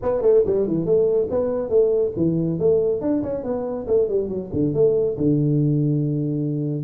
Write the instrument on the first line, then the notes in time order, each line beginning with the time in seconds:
tuba
0.02 B3
0.21 A3
0.46 G3
0.67 E3
0.85 A3
1.30 B3
1.69 A3
2.16 E3
2.59 A3
3.01 D4
3.22 C#4
3.43 B3
3.87 A3
4.09 G3
4.28 F#3
4.53 D3
4.74 A3
5.17 D3